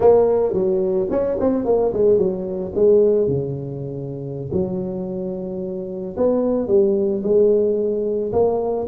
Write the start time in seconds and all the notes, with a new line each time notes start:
0.00 A#3
0.53 F#3
1.10 C#4
1.40 C4
1.65 A#3
1.93 G#3
2.17 F#3
2.74 G#3
3.27 C#3
4.52 F#3
6.16 B3
6.67 G3
7.23 G#3
8.32 A#3